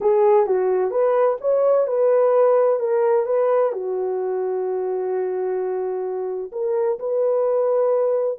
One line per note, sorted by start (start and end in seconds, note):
0.00 0.46 G#4
0.46 0.90 F#4
0.90 1.37 B4
1.40 1.87 C#5
1.87 2.79 B4
2.79 3.26 A#4
3.26 3.72 B4
3.72 6.51 F#4
6.52 6.98 A#4
6.99 8.38 B4